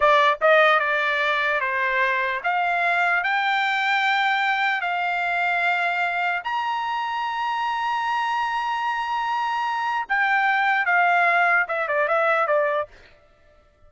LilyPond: \new Staff \with { instrumentName = "trumpet" } { \time 4/4 \tempo 4 = 149 d''4 dis''4 d''2 | c''2 f''2 | g''1 | f''1 |
ais''1~ | ais''1~ | ais''4 g''2 f''4~ | f''4 e''8 d''8 e''4 d''4 | }